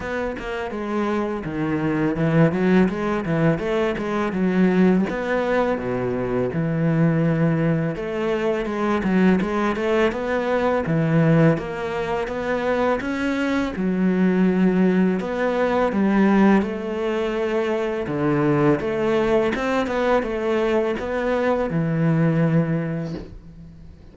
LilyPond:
\new Staff \with { instrumentName = "cello" } { \time 4/4 \tempo 4 = 83 b8 ais8 gis4 dis4 e8 fis8 | gis8 e8 a8 gis8 fis4 b4 | b,4 e2 a4 | gis8 fis8 gis8 a8 b4 e4 |
ais4 b4 cis'4 fis4~ | fis4 b4 g4 a4~ | a4 d4 a4 c'8 b8 | a4 b4 e2 | }